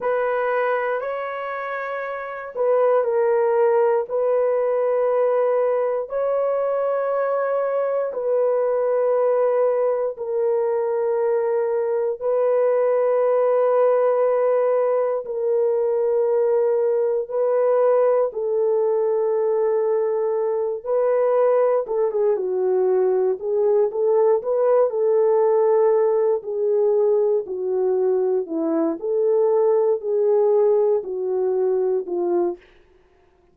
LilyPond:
\new Staff \with { instrumentName = "horn" } { \time 4/4 \tempo 4 = 59 b'4 cis''4. b'8 ais'4 | b'2 cis''2 | b'2 ais'2 | b'2. ais'4~ |
ais'4 b'4 a'2~ | a'8 b'4 a'16 gis'16 fis'4 gis'8 a'8 | b'8 a'4. gis'4 fis'4 | e'8 a'4 gis'4 fis'4 f'8 | }